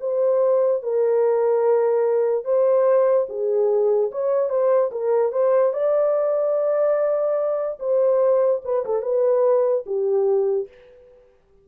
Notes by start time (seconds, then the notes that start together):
0.00 C5
0.83 A#4
2.45 C5
3.29 G#4
4.11 C#5
4.49 C5
4.91 A#4
5.32 C5
5.73 D5
7.79 C5
8.64 B4
8.85 A4
9.02 B4
9.86 G4